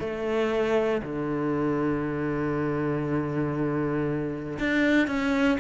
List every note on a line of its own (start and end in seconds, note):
0.00 1.02 A3
1.03 4.59 D3
4.59 5.07 D4
5.07 5.58 C#4